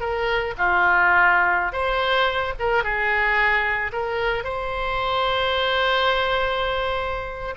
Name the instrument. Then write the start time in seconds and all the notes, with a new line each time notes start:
oboe
0.00 A#4
0.58 F4
1.72 C5
2.59 A#4
2.84 G#4
3.92 A#4
4.44 C5